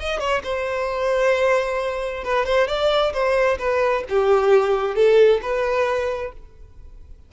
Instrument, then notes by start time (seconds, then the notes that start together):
violin
0.00 D#5
0.20 C#5
0.44 C5
2.25 B4
2.46 C5
2.68 D5
3.14 C5
3.59 B4
4.09 G4
4.96 A4
5.42 B4